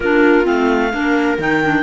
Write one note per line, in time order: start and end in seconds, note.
0.00 0.46 A#3
0.00 0.44 D4
0.00 0.91 F4
0.00 0.46 A#4
0.44 0.93 A3
0.44 0.91 C4
0.44 1.39 F5
0.92 1.38 A#3
0.92 1.38 D4
0.92 1.83 A#4
1.38 1.83 D#3
1.38 1.62 D#4
1.38 1.83 G5
1.63 1.83 D4